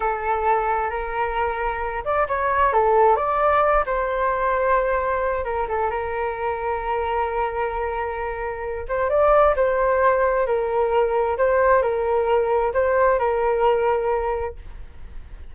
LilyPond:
\new Staff \with { instrumentName = "flute" } { \time 4/4 \tempo 4 = 132 a'2 ais'2~ | ais'8 d''8 cis''4 a'4 d''4~ | d''8 c''2.~ c''8 | ais'8 a'8 ais'2.~ |
ais'2.~ ais'8 c''8 | d''4 c''2 ais'4~ | ais'4 c''4 ais'2 | c''4 ais'2. | }